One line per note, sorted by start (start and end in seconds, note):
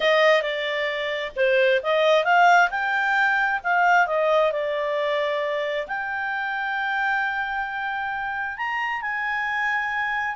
0.00 0.42 D#5
0.42 1.32 D5
1.36 1.81 C5
1.82 2.24 D#5
2.24 2.69 F5
2.70 3.60 G5
3.63 4.06 F5
4.06 4.52 D#5
4.52 5.87 D5
5.87 8.57 G5
8.57 9.01 A#5
9.01 10.35 G#5